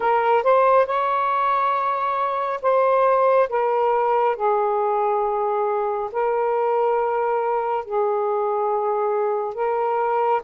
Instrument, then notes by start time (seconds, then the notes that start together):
saxophone
0.00 A#4
0.43 C5
0.86 C#5
2.61 C5
3.49 A#4
4.36 G#4
6.12 A#4
7.85 G#4
9.54 A#4